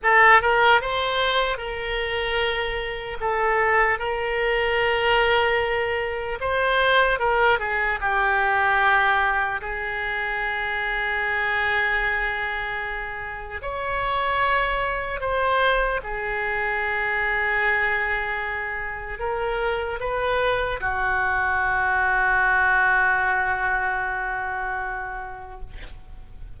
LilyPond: \new Staff \with { instrumentName = "oboe" } { \time 4/4 \tempo 4 = 75 a'8 ais'8 c''4 ais'2 | a'4 ais'2. | c''4 ais'8 gis'8 g'2 | gis'1~ |
gis'4 cis''2 c''4 | gis'1 | ais'4 b'4 fis'2~ | fis'1 | }